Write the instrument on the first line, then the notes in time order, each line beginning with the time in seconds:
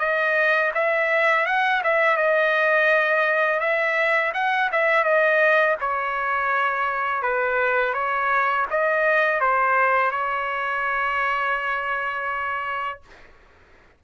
trumpet
0.00 D#5
0.75 E5
1.47 F#5
1.84 E5
2.17 D#5
3.60 E5
4.35 F#5
4.73 E5
5.04 D#5
5.81 C#5
7.23 B4
7.94 C#5
8.71 D#5
9.41 C5
10.12 C#5